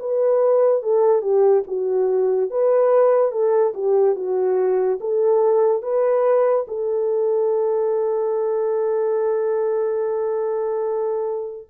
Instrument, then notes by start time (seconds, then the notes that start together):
horn
0.00 B4
0.83 A4
1.22 G4
1.67 F#4
2.51 B4
3.32 A4
3.74 G4
4.16 F#4
5.01 A4
5.83 B4
6.68 A4